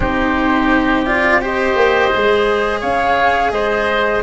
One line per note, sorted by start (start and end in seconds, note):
0.00 1.72 C4
0.00 1.05 D#4
0.00 1.41 G4
0.00 1.05 C5
1.05 1.41 F4
1.05 1.41 D5
1.41 2.10 G4
1.41 2.80 C5
1.41 2.81 D#5
1.75 2.11 A#3
2.10 2.82 G#3
2.10 4.22 G#4
2.80 3.51 C#4
2.80 3.51 C#5
2.80 3.51 F5
3.51 4.22 G#3
3.51 4.23 C5
3.51 4.21 D#5